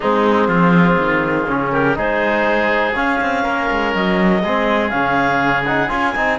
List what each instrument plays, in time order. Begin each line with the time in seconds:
0.00 cello G#3, trombone C4, oboe D#4, clarinet G#4
0.47 cello F3, oboe F4
0.98 cello D#3
1.47 cello C#3, trombone C#4
1.72 oboe G4, clarinet A#4
1.94 cello G#3, trombone D#4, oboe G#4, clarinet C5
2.94 trombone C#4, cello C#4, clarinet F5
3.20 cello C4
3.43 cello A#3, oboe A#4
3.71 cello G#3
3.94 cello F#3, clarinet D#5
4.43 cello G#3, trombone C4, oboe G#4
4.89 cello C#3, trombone C#4, clarinet F5
5.64 trombone D#4, clarinet F#5
5.88 cello C#4, trombone F4, clarinet G#5
6.15 cello C4, trombone D#4